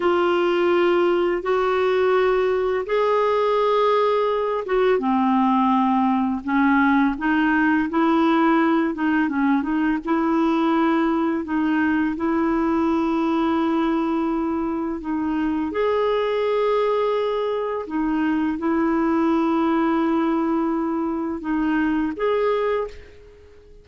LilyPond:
\new Staff \with { instrumentName = "clarinet" } { \time 4/4 \tempo 4 = 84 f'2 fis'2 | gis'2~ gis'8 fis'8 c'4~ | c'4 cis'4 dis'4 e'4~ | e'8 dis'8 cis'8 dis'8 e'2 |
dis'4 e'2.~ | e'4 dis'4 gis'2~ | gis'4 dis'4 e'2~ | e'2 dis'4 gis'4 | }